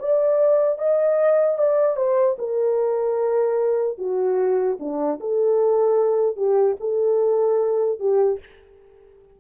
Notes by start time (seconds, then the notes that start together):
0.00 D5
0.79 D#5
1.59 D5
1.97 C5
2.39 A#4
3.99 F#4
4.80 D4
5.21 A4
6.37 G4
6.80 A4
8.00 G4